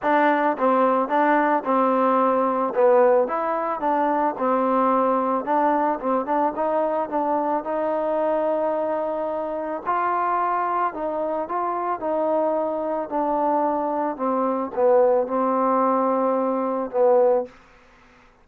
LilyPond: \new Staff \with { instrumentName = "trombone" } { \time 4/4 \tempo 4 = 110 d'4 c'4 d'4 c'4~ | c'4 b4 e'4 d'4 | c'2 d'4 c'8 d'8 | dis'4 d'4 dis'2~ |
dis'2 f'2 | dis'4 f'4 dis'2 | d'2 c'4 b4 | c'2. b4 | }